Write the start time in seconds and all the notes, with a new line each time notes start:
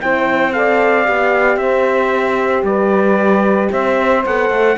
0.00 C4 E4 C5 G5
0.53 A4 D5 F5
1.05 B3 G4
1.56 C4 C5 E5
2.63 G3 B4 D5
3.71 C4 C5 E5
4.26 B3 A4 F#5
4.49 A3